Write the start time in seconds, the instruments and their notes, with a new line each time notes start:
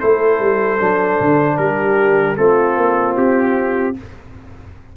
0.00 tuba A3, trombone E4, horn A4, trumpet C5
0.40 tuba G3
0.80 tuba F#3, trombone D4
1.21 tuba D3
1.58 tuba G3, horn G4, trumpet A#4
2.37 tuba A3, trombone C4, horn F4, trumpet A4
2.77 tuba A#3
3.17 tuba C4, trumpet G4